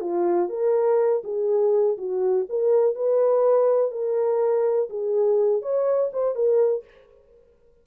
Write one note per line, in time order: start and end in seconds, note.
0.00 0.49 F4
0.49 1.22 A#4
1.24 1.97 G#4
1.97 2.46 F#4
2.49 2.95 A#4
2.95 3.91 B4
3.91 4.88 A#4
4.89 5.61 G#4
5.61 6.10 C#5
6.12 6.35 C5
6.35 6.84 A#4